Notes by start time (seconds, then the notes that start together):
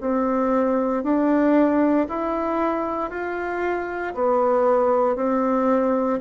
0.00 C4
1.03 D4
2.08 E4
3.10 F4
4.14 B3
5.15 C4